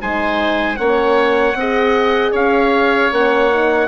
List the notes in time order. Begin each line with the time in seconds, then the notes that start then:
0.00 G#3 D#4 C5 G#5
0.77 A#3 C#4 C#5 F#5
1.54 C4 G#4 D#5
2.32 C#4 C#5 F5
3.12 A#3 C#4 F#5
3.51 D#4